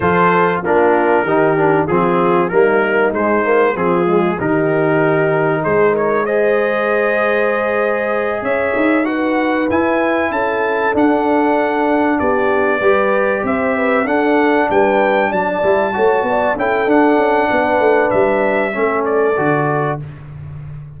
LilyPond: <<
  \new Staff \with { instrumentName = "trumpet" } { \time 4/4 \tempo 4 = 96 c''4 ais'2 gis'4 | ais'4 c''4 gis'4 ais'4~ | ais'4 c''8 cis''8 dis''2~ | dis''4. e''4 fis''4 gis''8~ |
gis''8 a''4 fis''2 d''8~ | d''4. e''4 fis''4 g''8~ | g''8 a''2 g''8 fis''4~ | fis''4 e''4. d''4. | }
  \new Staff \with { instrumentName = "horn" } { \time 4/4 a'4 f'4 g'4 f'4 | dis'2 f'4 g'4~ | g'4 gis'8 ais'8 c''2~ | c''4. cis''4 b'4.~ |
b'8 a'2. g'8~ | g'8 b'4 c''8 b'8 a'4 b'8~ | b'8 d''4 cis''8 d''8 a'4. | b'2 a'2 | }
  \new Staff \with { instrumentName = "trombone" } { \time 4/4 f'4 d'4 dis'8 d'8 c'4 | ais4 gis8 ais8 c'8 gis8 dis'4~ | dis'2 gis'2~ | gis'2~ gis'8 fis'4 e'8~ |
e'4. d'2~ d'8~ | d'8 g'2 d'4.~ | d'4 e'8 fis'4 e'8 d'4~ | d'2 cis'4 fis'4 | }
  \new Staff \with { instrumentName = "tuba" } { \time 4/4 f4 ais4 dis4 f4 | g4 gis4 f4 dis4~ | dis4 gis2.~ | gis4. cis'8 dis'4. e'8~ |
e'8 cis'4 d'2 b8~ | b8 g4 c'4 d'4 g8~ | g8 fis8 g8 a8 b8 cis'8 d'8 cis'8 | b8 a8 g4 a4 d4 | }
>>